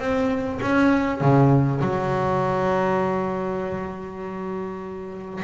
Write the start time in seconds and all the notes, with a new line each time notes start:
0.00 C4
0.62 C#4
1.21 C#3
1.82 F#3